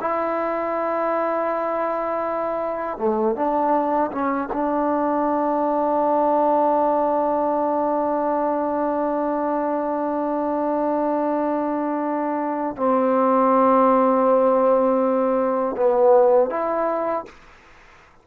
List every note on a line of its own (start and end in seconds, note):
0.00 2.98 E4
2.98 3.35 A3
3.35 4.10 D4
4.11 4.49 C#4
4.52 12.76 D4
12.76 15.76 C4
15.76 16.50 B3
16.50 17.25 E4